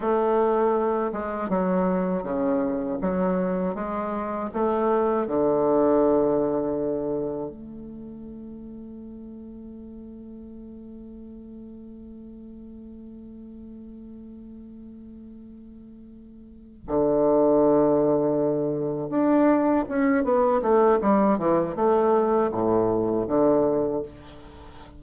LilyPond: \new Staff \with { instrumentName = "bassoon" } { \time 4/4 \tempo 4 = 80 a4. gis8 fis4 cis4 | fis4 gis4 a4 d4~ | d2 a2~ | a1~ |
a1~ | a2~ a8 d4.~ | d4. d'4 cis'8 b8 a8 | g8 e8 a4 a,4 d4 | }